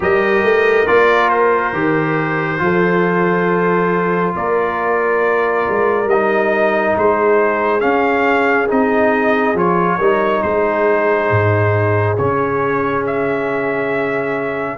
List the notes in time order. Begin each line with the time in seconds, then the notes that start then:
0.00 G3 G4 A#4 D#5
0.43 A3
0.86 A#3 F4 D5
1.29 C5
1.73 D#3 G4
2.58 F3 F4 A4
4.35 A#3 A#4 D5
5.68 G#3
6.05 G3 D#5
6.12 D#4
6.97 G#3 G#4 C5
7.80 C#4 F5
8.68 C4 D#4 D#5
9.54 F3 F4 C#5
9.98 G3 D#4 A#4
10.42 G#3 G#4 C5
11.30 G#2
12.17 C#3 C#4 C#5
13.06 E5